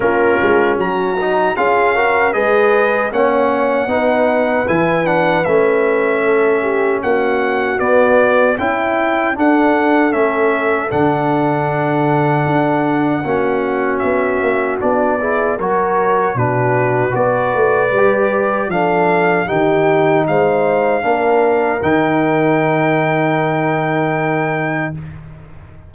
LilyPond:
<<
  \new Staff \with { instrumentName = "trumpet" } { \time 4/4 \tempo 4 = 77 ais'4 ais''4 f''4 dis''4 | fis''2 gis''8 fis''8 e''4~ | e''4 fis''4 d''4 g''4 | fis''4 e''4 fis''2~ |
fis''2 e''4 d''4 | cis''4 b'4 d''2 | f''4 g''4 f''2 | g''1 | }
  \new Staff \with { instrumentName = "horn" } { \time 4/4 f'4 fis'4 gis'8 ais'8 b'4 | cis''4 b'2. | a'8 g'8 fis'2 e'4 | a'1~ |
a'4 fis'2~ fis'8 gis'8 | ais'4 fis'4 b'2 | a'4 g'4 c''4 ais'4~ | ais'1 | }
  \new Staff \with { instrumentName = "trombone" } { \time 4/4 cis'4. dis'8 f'8 fis'8 gis'4 | cis'4 dis'4 e'8 d'8 cis'4~ | cis'2 b4 e'4 | d'4 cis'4 d'2~ |
d'4 cis'2 d'8 e'8 | fis'4 d'4 fis'4 g'4 | d'4 dis'2 d'4 | dis'1 | }
  \new Staff \with { instrumentName = "tuba" } { \time 4/4 ais8 gis8 fis4 cis'4 gis4 | ais4 b4 e4 a4~ | a4 ais4 b4 cis'4 | d'4 a4 d2 |
d'4 ais4 b8 ais8 b4 | fis4 b,4 b8 a8 g4 | f4 dis4 gis4 ais4 | dis1 | }
>>